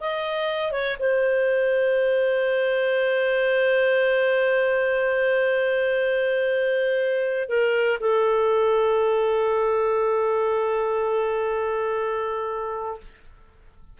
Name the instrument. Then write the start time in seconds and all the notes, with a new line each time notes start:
clarinet
0.00 D#5
0.71 C#5
0.99 C5
7.48 A#4
8.00 A4